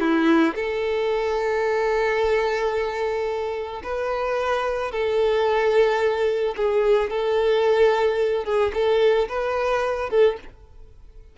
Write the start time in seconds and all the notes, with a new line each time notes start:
0.00 E4
0.55 A4
3.83 B4
4.91 A4
6.56 G#4
7.10 A4
8.44 G#4
8.73 A4
9.29 B4
10.10 A4